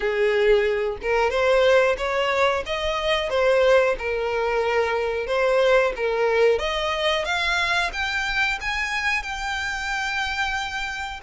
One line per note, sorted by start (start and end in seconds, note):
0.00 0.97 G#4
1.02 1.30 A#4
1.30 1.96 C5
1.98 2.63 C#5
2.66 3.29 D#5
3.29 3.95 C5
3.98 5.27 A#4
5.27 5.93 C5
5.96 6.58 A#4
6.58 7.24 D#5
7.25 7.91 F5
7.93 8.59 G5
8.60 9.22 G#5
9.22 11.20 G5